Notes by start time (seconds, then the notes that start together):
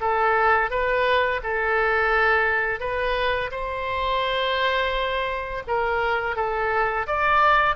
0.00 A4
0.70 B4
1.43 A4
2.80 B4
3.51 C5
5.67 A#4
6.36 A4
7.07 D5